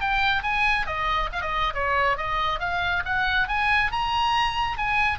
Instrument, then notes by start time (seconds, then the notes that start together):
oboe
0.00 G5
0.42 G#5
0.86 D#5
1.32 F5
1.41 D#5
1.74 C#5
2.17 D#5
2.59 F5
3.05 F#5
3.48 G#5
3.91 A#5
4.77 G#5